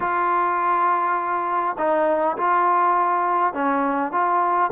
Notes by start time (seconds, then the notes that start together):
0.00 F4
1.78 D#4
2.37 F4
3.53 C#4
4.12 F4